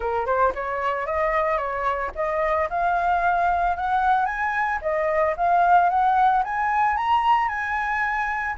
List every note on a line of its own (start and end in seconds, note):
0.00 0.26 A#4
0.26 0.52 C5
0.55 1.06 C#5
1.06 1.57 D#5
1.57 2.11 C#5
2.15 2.68 D#5
2.69 3.76 F5
3.76 4.25 F#5
4.25 4.79 G#5
4.81 5.35 D#5
5.36 5.89 F5
5.89 6.43 F#5
6.44 6.96 G#5
6.96 7.48 A#5
7.48 8.55 G#5